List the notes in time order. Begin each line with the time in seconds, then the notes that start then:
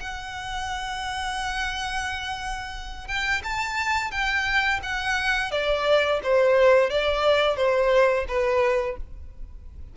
0.00 F#5
3.08 G5
3.44 A5
4.11 G5
4.83 F#5
5.51 D5
6.23 C5
6.90 D5
7.56 C5
8.28 B4